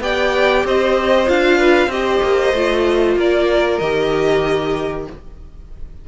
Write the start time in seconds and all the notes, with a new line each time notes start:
0.00 B3 G4 D5 G5
0.64 C4 C5 D#5
1.26 D4 F4 F5
1.58 B4
1.86 C4 G4 D#5
1.93 C5
2.22 A#3
2.53 A3 F4
3.16 A#3 A#4 D5
3.78 D#3 G4 D#5